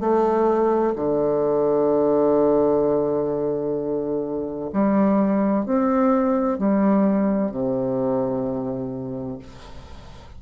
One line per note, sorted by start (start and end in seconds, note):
0.00 0.94 A3
0.95 4.70 D3
4.73 5.65 G3
5.65 6.58 C4
6.58 7.51 G3
7.51 9.38 C3